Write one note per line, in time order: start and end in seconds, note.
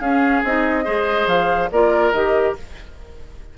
0.00 0.43 C#4
0.00 0.45 C#4
0.00 0.85 G#4
0.00 0.43 F5
0.44 0.87 C4
0.44 0.85 D#4
0.44 1.28 D#5
0.85 1.27 G#3
0.85 1.70 G#4
0.85 1.70 C5
1.27 1.70 F3
1.27 1.71 F5
1.72 2.13 A#3
1.72 2.15 F4
1.72 2.58 A#4
1.72 2.13 D5
2.13 2.55 D#3
2.13 2.57 G4
2.13 2.56 D#5